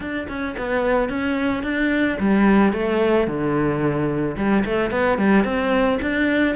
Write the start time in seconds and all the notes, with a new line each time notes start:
0.00 D4
0.28 C#4
0.57 B3
1.09 C#4
1.63 D4
2.19 G3
2.72 A3
3.27 D3
4.36 G3
4.65 A3
4.90 B3
5.18 G3
5.44 C4
6.01 D4